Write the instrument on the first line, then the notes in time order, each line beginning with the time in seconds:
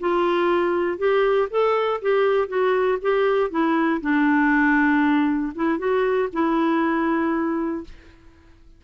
clarinet
0.00 F4
0.98 G4
1.51 A4
2.02 G4
2.48 F#4
3.02 G4
3.51 E4
4.02 D4
5.56 E4
5.78 F#4
6.33 E4